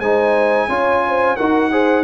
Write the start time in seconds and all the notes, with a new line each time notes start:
0.00 G#3 D#4 C5 G#5
0.69 C#4 F4 C#5
1.08 C5
1.37 D#4 F#4 A#4 F#5
1.72 G#4 C5